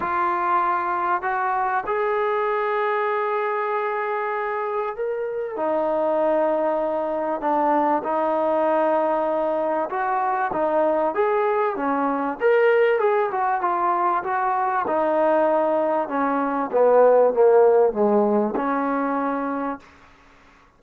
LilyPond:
\new Staff \with { instrumentName = "trombone" } { \time 4/4 \tempo 4 = 97 f'2 fis'4 gis'4~ | gis'1 | ais'4 dis'2. | d'4 dis'2. |
fis'4 dis'4 gis'4 cis'4 | ais'4 gis'8 fis'8 f'4 fis'4 | dis'2 cis'4 b4 | ais4 gis4 cis'2 | }